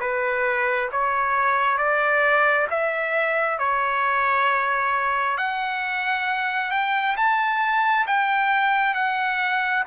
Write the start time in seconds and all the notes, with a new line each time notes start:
0.00 B4
0.92 C#5
1.77 D5
2.70 E5
3.58 C#5
5.37 F#5
6.71 G5
7.16 A5
8.07 G5
8.94 F#5